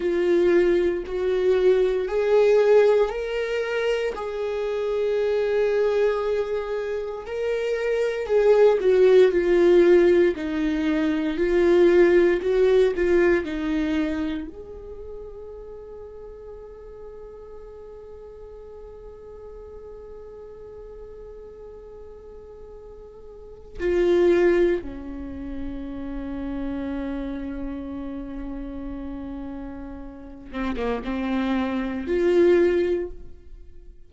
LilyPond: \new Staff \with { instrumentName = "viola" } { \time 4/4 \tempo 4 = 58 f'4 fis'4 gis'4 ais'4 | gis'2. ais'4 | gis'8 fis'8 f'4 dis'4 f'4 | fis'8 f'8 dis'4 gis'2~ |
gis'1~ | gis'2. f'4 | cis'1~ | cis'4. c'16 ais16 c'4 f'4 | }